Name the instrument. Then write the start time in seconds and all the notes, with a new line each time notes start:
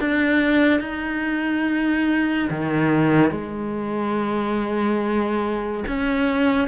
cello
0.00 D4
0.80 D#4
2.50 D#3
3.31 G#3
5.87 C#4